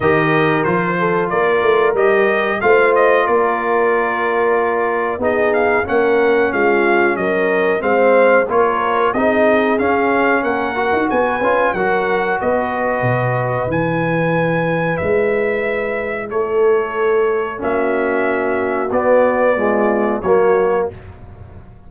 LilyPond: <<
  \new Staff \with { instrumentName = "trumpet" } { \time 4/4 \tempo 4 = 92 dis''4 c''4 d''4 dis''4 | f''8 dis''8 d''2. | dis''8 f''8 fis''4 f''4 dis''4 | f''4 cis''4 dis''4 f''4 |
fis''4 gis''4 fis''4 dis''4~ | dis''4 gis''2 e''4~ | e''4 cis''2 e''4~ | e''4 d''2 cis''4 | }
  \new Staff \with { instrumentName = "horn" } { \time 4/4 ais'4. a'8 ais'2 | c''4 ais'2. | gis'4 ais'4 f'4 ais'4 | c''4 ais'4 gis'2 |
ais'4 b'4 ais'4 b'4~ | b'1~ | b'4 a'2 fis'4~ | fis'2 f'4 fis'4 | }
  \new Staff \with { instrumentName = "trombone" } { \time 4/4 g'4 f'2 g'4 | f'1 | dis'4 cis'2. | c'4 f'4 dis'4 cis'4~ |
cis'8 fis'4 f'8 fis'2~ | fis'4 e'2.~ | e'2. cis'4~ | cis'4 b4 gis4 ais4 | }
  \new Staff \with { instrumentName = "tuba" } { \time 4/4 dis4 f4 ais8 a8 g4 | a4 ais2. | b4 ais4 gis4 fis4 | gis4 ais4 c'4 cis'4 |
ais8. dis'16 b8 cis'8 fis4 b4 | b,4 e2 gis4~ | gis4 a2 ais4~ | ais4 b2 fis4 | }
>>